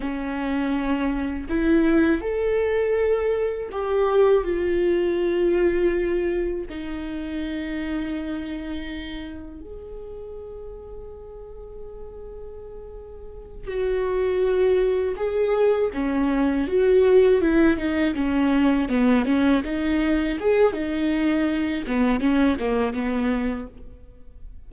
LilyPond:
\new Staff \with { instrumentName = "viola" } { \time 4/4 \tempo 4 = 81 cis'2 e'4 a'4~ | a'4 g'4 f'2~ | f'4 dis'2.~ | dis'4 gis'2.~ |
gis'2~ gis'8 fis'4.~ | fis'8 gis'4 cis'4 fis'4 e'8 | dis'8 cis'4 b8 cis'8 dis'4 gis'8 | dis'4. b8 cis'8 ais8 b4 | }